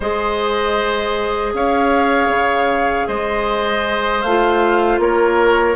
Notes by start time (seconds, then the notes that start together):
0.00 G#3 G#4 C5 D#5
1.53 C#4 C#5 F5
2.28 C#3
3.07 G#3 C5 D#5
4.22 A3 F4 F5
4.98 A#3 A#4 C#5